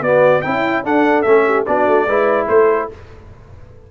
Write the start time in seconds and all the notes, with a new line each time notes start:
0.00 B3 F#4 D5
0.41 C#4 E4 G5
0.83 D4 A4 F#5
1.22 A3 C#4 E5
1.45 G4
1.65 B3 D4 F#4 D5
1.86 A3
2.06 G#3 E4 B4
2.47 A3 A4 C5